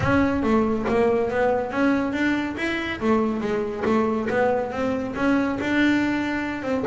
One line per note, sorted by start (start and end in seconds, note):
0.00 0.42 C#4
0.42 0.85 A3
0.88 1.30 A#3
1.30 1.71 B3
1.71 2.12 C#4
2.12 2.55 D4
2.57 2.99 E4
3.00 3.40 A3
3.40 3.83 G#3
3.85 4.27 A3
4.29 4.71 B3
4.71 5.14 C4
5.15 5.58 C#4
5.60 6.62 D4
6.62 6.84 C4